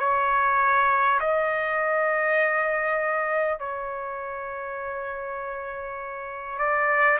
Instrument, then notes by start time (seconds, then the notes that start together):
trumpet
0.00 C#5
1.20 D#5
3.59 C#5
6.58 D5